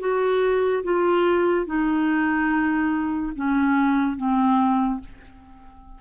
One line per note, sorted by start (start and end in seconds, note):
0.00 0.83 F#4
0.84 1.67 F4
1.67 3.33 D#4
3.36 4.17 C#4
4.17 5.01 C4